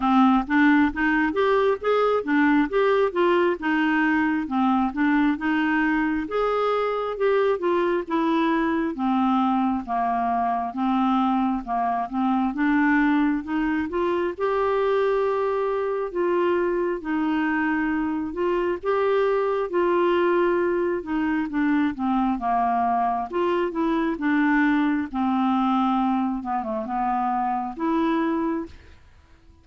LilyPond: \new Staff \with { instrumentName = "clarinet" } { \time 4/4 \tempo 4 = 67 c'8 d'8 dis'8 g'8 gis'8 d'8 g'8 f'8 | dis'4 c'8 d'8 dis'4 gis'4 | g'8 f'8 e'4 c'4 ais4 | c'4 ais8 c'8 d'4 dis'8 f'8 |
g'2 f'4 dis'4~ | dis'8 f'8 g'4 f'4. dis'8 | d'8 c'8 ais4 f'8 e'8 d'4 | c'4. b16 a16 b4 e'4 | }